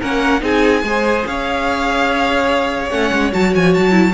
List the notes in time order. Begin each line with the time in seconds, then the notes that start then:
0.00 A#3 C#4 A#4 F#5
0.40 C4 D#4 G#4 G#5
0.83 G#3 G#4 C5
1.26 C#4 C#5 F5
2.90 A3 C#4 F#5
3.12 G#3
3.32 F#3 F#4 A5
3.55 F3 G#5
3.74 F#3 A5
3.91 E4